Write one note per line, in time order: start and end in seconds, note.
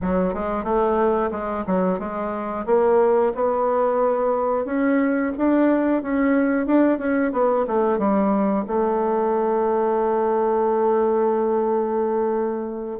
0.02 0.34 F#3
0.34 0.63 G#3
0.63 1.30 A3
1.31 1.64 G#3
1.66 1.98 F#3
1.98 2.65 G#3
2.66 3.32 A#3
3.35 4.65 B3
4.65 5.32 C#4
5.37 6.02 D4
6.02 6.66 C#4
6.66 6.98 D4
6.98 7.32 C#4
7.32 7.65 B3
7.67 7.98 A3
7.98 8.65 G3
8.67 12.99 A3